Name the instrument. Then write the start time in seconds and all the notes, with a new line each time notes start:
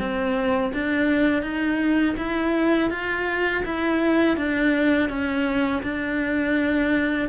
cello
0.00 C4
0.74 D4
1.43 D#4
2.18 E4
2.91 F4
3.66 E4
4.37 D4
5.10 C#4
5.83 D4